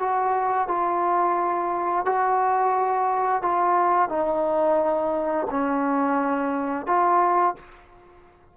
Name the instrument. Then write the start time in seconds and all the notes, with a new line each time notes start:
trombone
0.00 F#4
0.68 F4
2.06 F#4
3.43 F4
4.09 D#4
5.51 C#4
6.87 F4